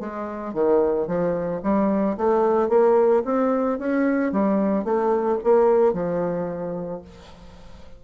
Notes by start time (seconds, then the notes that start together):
0.00 G#3
0.54 D#3
1.07 F3
1.63 G3
2.17 A3
2.69 A#3
3.25 C4
3.79 C#4
4.32 G3
4.84 A3
5.43 A#3
5.93 F3